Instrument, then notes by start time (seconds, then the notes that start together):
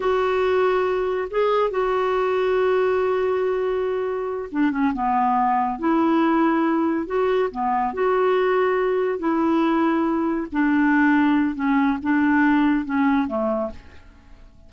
clarinet
0.00 F#4
1.30 G#4
1.70 F#4
4.51 D4
4.71 C#4
4.93 B3
5.79 E4
7.06 F#4
7.51 B3
7.93 F#4
9.18 E4
10.52 D4
11.55 C#4
12.02 D4
12.85 C#4
13.27 A3